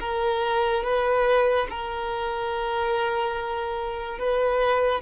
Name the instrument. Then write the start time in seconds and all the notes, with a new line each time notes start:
violin
0.00 A#4
0.83 B4
1.69 A#4
4.19 B4